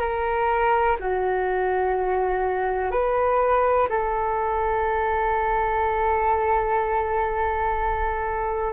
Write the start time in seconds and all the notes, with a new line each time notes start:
0.00 A#4
0.99 F#4
2.91 B4
3.89 A4